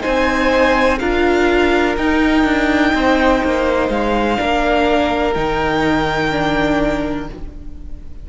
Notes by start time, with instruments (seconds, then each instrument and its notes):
0.00 viola D#4, violin C5 G#5
0.06 cello C4
0.99 cello D4, viola F4, violin A#4 F5
1.97 viola D#4, cello D#4, violin G5
2.45 cello D4
2.94 cello C4, violin C5
3.44 cello A#3
3.89 cello G#3, violin F5
4.36 cello A#3, viola D4, violin A#4
5.34 cello D#3, viola D#4, violin G5
6.31 viola D4